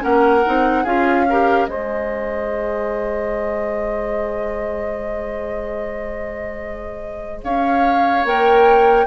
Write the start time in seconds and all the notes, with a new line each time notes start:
0.00 A#3 C#4 A#4 F#5
0.46 C4 D#4
0.84 C#4 F4 G#4 F5
1.29 G4 A#4
1.66 G#3 G#4 C5 D#5
7.44 C#4 C#5 F5
8.24 A#3 A#4 G5